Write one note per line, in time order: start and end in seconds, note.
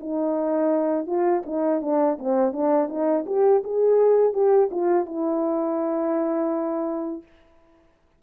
0.00 1.06 D#4
1.06 1.42 F4
1.46 1.81 D#4
1.81 2.17 D4
2.18 2.52 C4
2.52 2.88 D4
2.88 3.25 D#4
3.26 3.62 G4
3.63 4.33 G#4
4.33 4.69 G4
4.71 5.05 F4
5.05 7.22 E4